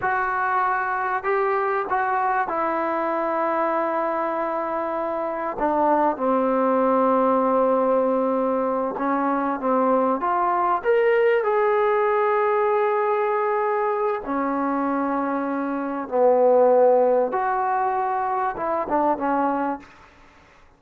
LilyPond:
\new Staff \with { instrumentName = "trombone" } { \time 4/4 \tempo 4 = 97 fis'2 g'4 fis'4 | e'1~ | e'4 d'4 c'2~ | c'2~ c'8 cis'4 c'8~ |
c'8 f'4 ais'4 gis'4.~ | gis'2. cis'4~ | cis'2 b2 | fis'2 e'8 d'8 cis'4 | }